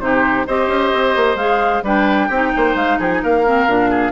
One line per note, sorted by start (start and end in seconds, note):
0.00 0.46 C3
0.00 0.46 D#4
0.00 0.47 G4
0.00 0.46 C5
0.47 0.68 C4
0.47 1.38 G4
0.47 1.84 C5
0.47 1.37 D#5
0.68 0.91 C#4
0.94 1.16 C4
1.16 1.35 A#3
1.35 1.81 G#3
1.35 1.83 G#4
1.35 1.83 F5
1.83 2.29 G3
1.83 2.31 D4
1.83 2.28 B4
1.83 2.76 G5
2.28 2.53 C4
2.28 2.51 G4
2.34 3.46 D#4
2.56 2.75 A#3
2.56 2.99 C5
2.75 2.98 G#3
2.75 2.99 F5
2.99 3.22 F3
2.99 3.22 G#4
2.99 3.11 G5
3.11 3.23 G#5
3.23 3.67 A#3
3.23 3.90 A#4
3.23 4.12 F5
3.46 3.68 C4
3.67 4.12 A#2
3.67 4.12 D4
3.90 4.12 G#4